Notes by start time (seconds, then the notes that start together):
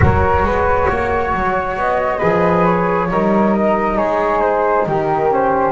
0.00 F#3 F#4 A#4 C#5
0.42 G#3 B4
0.88 A#3 C#5
1.33 F#3
1.76 B3 D#5
2.18 F3 G#4 B4
2.65 C#5
3.10 G3 D#4 A#4
3.53 D#5
3.96 G#3 G#4 C#5
4.41 C5
4.86 D#3 G4 A#4
5.30 C#4 C5